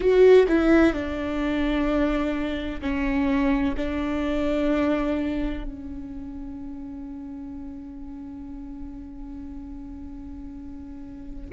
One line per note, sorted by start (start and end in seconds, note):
0.00 0.46 F#4
0.48 0.93 E4
0.93 2.80 D4
2.81 3.75 C#4
3.77 5.64 D4
5.64 11.50 C#4